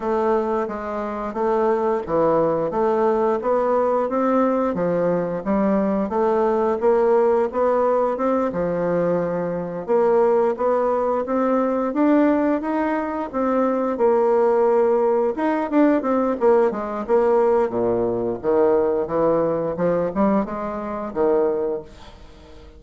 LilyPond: \new Staff \with { instrumentName = "bassoon" } { \time 4/4 \tempo 4 = 88 a4 gis4 a4 e4 | a4 b4 c'4 f4 | g4 a4 ais4 b4 | c'8 f2 ais4 b8~ |
b8 c'4 d'4 dis'4 c'8~ | c'8 ais2 dis'8 d'8 c'8 | ais8 gis8 ais4 ais,4 dis4 | e4 f8 g8 gis4 dis4 | }